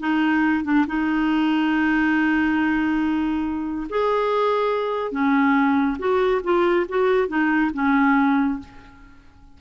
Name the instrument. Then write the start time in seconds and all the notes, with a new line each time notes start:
clarinet
0.00 D#4
0.64 D4
0.87 D#4
3.89 G#4
5.12 C#4
5.98 F#4
6.44 F4
6.88 F#4
7.28 D#4
7.74 C#4